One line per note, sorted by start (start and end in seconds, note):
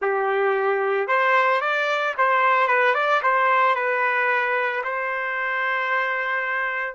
0.01 1.07 G4
1.07 1.60 C5
1.60 2.14 D5
2.17 2.67 C5
2.67 2.94 B4
2.94 3.21 D5
3.22 3.75 C5
3.75 4.82 B4
4.83 6.94 C5